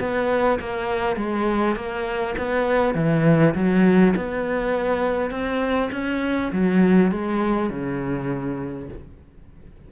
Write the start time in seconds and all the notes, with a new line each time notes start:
0.00 B3
0.60 A#3
1.16 G#3
1.76 A#3
2.38 B3
2.95 E3
3.55 F#3
4.16 B3
5.31 C4
5.92 C#4
6.52 F#3
7.12 G#3
7.70 C#3